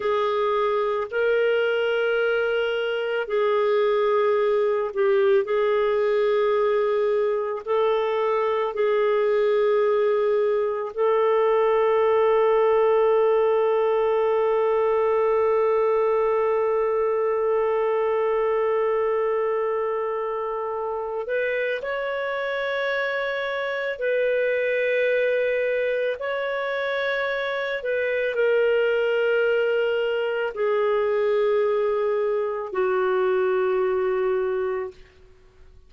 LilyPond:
\new Staff \with { instrumentName = "clarinet" } { \time 4/4 \tempo 4 = 55 gis'4 ais'2 gis'4~ | gis'8 g'8 gis'2 a'4 | gis'2 a'2~ | a'1~ |
a'2.~ a'8 b'8 | cis''2 b'2 | cis''4. b'8 ais'2 | gis'2 fis'2 | }